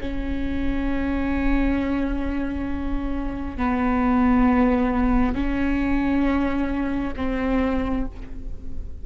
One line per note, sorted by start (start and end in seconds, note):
0.00 3.57 C#4
3.57 5.34 B3
5.34 7.14 C#4
7.16 8.05 C4